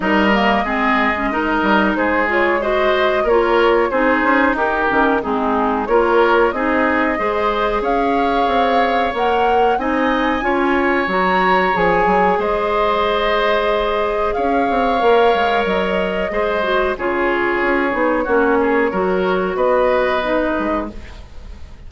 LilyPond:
<<
  \new Staff \with { instrumentName = "flute" } { \time 4/4 \tempo 4 = 92 dis''2. c''8 cis''8 | dis''4 cis''4 c''4 ais'4 | gis'4 cis''4 dis''2 | f''2 fis''4 gis''4~ |
gis''4 ais''4 gis''4 dis''4~ | dis''2 f''2 | dis''2 cis''2~ | cis''2 dis''2 | }
  \new Staff \with { instrumentName = "oboe" } { \time 4/4 ais'4 gis'4 ais'4 gis'4 | c''4 ais'4 gis'4 g'4 | dis'4 ais'4 gis'4 c''4 | cis''2. dis''4 |
cis''2. c''4~ | c''2 cis''2~ | cis''4 c''4 gis'2 | fis'8 gis'8 ais'4 b'2 | }
  \new Staff \with { instrumentName = "clarinet" } { \time 4/4 dis'8 ais8 c'8. cis'16 dis'4. f'8 | fis'4 f'4 dis'4. cis'8 | c'4 f'4 dis'4 gis'4~ | gis'2 ais'4 dis'4 |
f'4 fis'4 gis'2~ | gis'2. ais'4~ | ais'4 gis'8 fis'8 f'4. dis'8 | cis'4 fis'2 dis'4 | }
  \new Staff \with { instrumentName = "bassoon" } { \time 4/4 g4 gis4. g8 gis4~ | gis4 ais4 c'8 cis'8 dis'8 dis8 | gis4 ais4 c'4 gis4 | cis'4 c'4 ais4 c'4 |
cis'4 fis4 f8 fis8 gis4~ | gis2 cis'8 c'8 ais8 gis8 | fis4 gis4 cis4 cis'8 b8 | ais4 fis4 b4. gis8 | }
>>